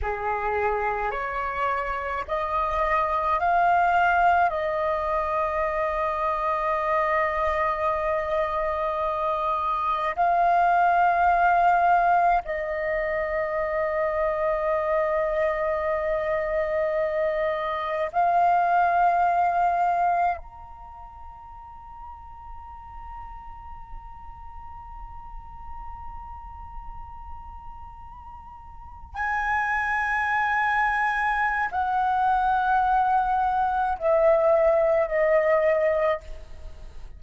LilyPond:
\new Staff \with { instrumentName = "flute" } { \time 4/4 \tempo 4 = 53 gis'4 cis''4 dis''4 f''4 | dis''1~ | dis''4 f''2 dis''4~ | dis''1 |
f''2 ais''2~ | ais''1~ | ais''4.~ ais''16 gis''2~ gis''16 | fis''2 e''4 dis''4 | }